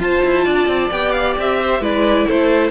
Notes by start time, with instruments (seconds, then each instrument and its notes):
0.00 cello F4, viola F4, violin C5 A5
0.24 cello E4
0.45 cello D4, violin D5
0.68 cello C4
0.91 cello B3, viola G4, violin G5
1.12 violin F5
1.38 cello C4, violin E5
1.61 violin C5
1.80 cello G#3, viola E4, violin B4 D5
2.27 cello A3, violin A4 C5